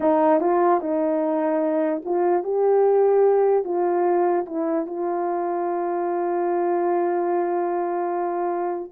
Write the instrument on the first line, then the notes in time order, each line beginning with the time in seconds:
horn
0.00 D#4
0.40 F4
0.80 D#4
2.04 F4
2.43 G4
3.64 F4
4.46 E4
4.86 F4